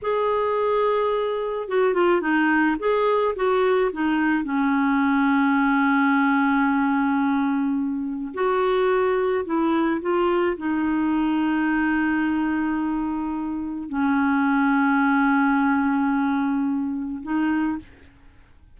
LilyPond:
\new Staff \with { instrumentName = "clarinet" } { \time 4/4 \tempo 4 = 108 gis'2. fis'8 f'8 | dis'4 gis'4 fis'4 dis'4 | cis'1~ | cis'2. fis'4~ |
fis'4 e'4 f'4 dis'4~ | dis'1~ | dis'4 cis'2.~ | cis'2. dis'4 | }